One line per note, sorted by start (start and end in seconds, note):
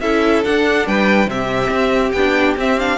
0.00 0.43 C#4
0.00 0.44 E4
0.00 0.87 A4
0.00 0.43 E5
0.44 1.27 D4
0.44 0.86 D4
0.44 0.87 F#5
0.86 1.26 G3
0.86 1.30 B4
0.86 1.29 G5
1.26 1.69 C3
1.26 2.12 C4
1.26 2.98 G4
1.26 2.12 E5
1.70 2.12 C4
2.12 2.55 B3
2.12 2.57 D4
2.12 2.54 G5
2.57 2.78 C4
2.57 2.98 C4
2.57 2.79 E5
2.79 2.98 D4
2.79 2.98 F5